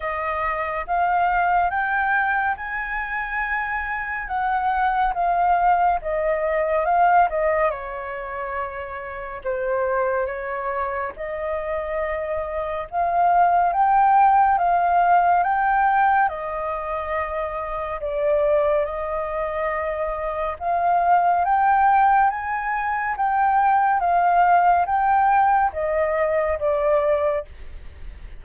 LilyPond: \new Staff \with { instrumentName = "flute" } { \time 4/4 \tempo 4 = 70 dis''4 f''4 g''4 gis''4~ | gis''4 fis''4 f''4 dis''4 | f''8 dis''8 cis''2 c''4 | cis''4 dis''2 f''4 |
g''4 f''4 g''4 dis''4~ | dis''4 d''4 dis''2 | f''4 g''4 gis''4 g''4 | f''4 g''4 dis''4 d''4 | }